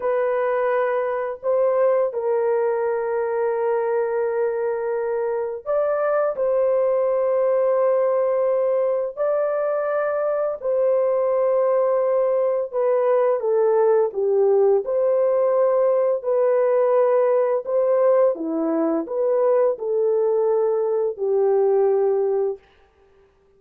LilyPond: \new Staff \with { instrumentName = "horn" } { \time 4/4 \tempo 4 = 85 b'2 c''4 ais'4~ | ais'1 | d''4 c''2.~ | c''4 d''2 c''4~ |
c''2 b'4 a'4 | g'4 c''2 b'4~ | b'4 c''4 e'4 b'4 | a'2 g'2 | }